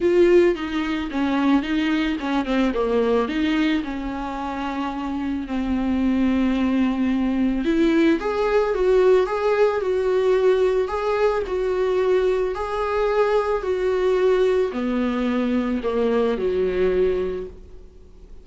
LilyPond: \new Staff \with { instrumentName = "viola" } { \time 4/4 \tempo 4 = 110 f'4 dis'4 cis'4 dis'4 | cis'8 c'8 ais4 dis'4 cis'4~ | cis'2 c'2~ | c'2 e'4 gis'4 |
fis'4 gis'4 fis'2 | gis'4 fis'2 gis'4~ | gis'4 fis'2 b4~ | b4 ais4 fis2 | }